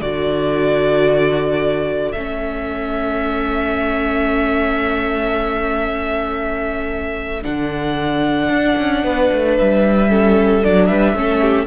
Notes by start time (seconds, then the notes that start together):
0.00 D3 F#4 A4 D5
2.12 A3 C#4 E5
7.42 D3 D4 F#5
8.50 D4
8.78 C#4
9.03 B3 B4
9.33 A3
9.59 G3 E5
10.09 C#4 A4
10.64 F#3 D4 D5
10.87 G3 B4 E5
11.14 A3 C#4 A4
11.41 G4